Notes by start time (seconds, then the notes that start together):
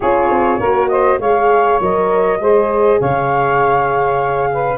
0.00 C#4 F4 G#4 C#5
0.29 C4
0.59 A#3 F#4 A#4
0.88 C5 D#5
1.19 G#3 G#4 C#5 F5
1.80 F#3 A#4 D#5
2.40 G#3 G#4 C5
2.99 C#3 C#5 F5
4.53 B4